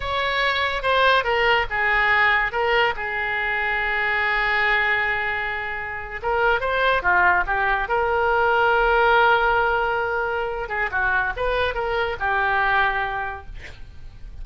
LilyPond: \new Staff \with { instrumentName = "oboe" } { \time 4/4 \tempo 4 = 143 cis''2 c''4 ais'4 | gis'2 ais'4 gis'4~ | gis'1~ | gis'2~ gis'8. ais'4 c''16~ |
c''8. f'4 g'4 ais'4~ ais'16~ | ais'1~ | ais'4. gis'8 fis'4 b'4 | ais'4 g'2. | }